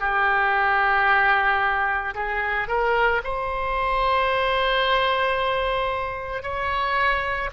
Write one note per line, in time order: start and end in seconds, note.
0.00 2.14 G4
2.15 2.68 G#4
2.68 3.21 A#4
3.24 6.43 C5
6.43 7.50 C#5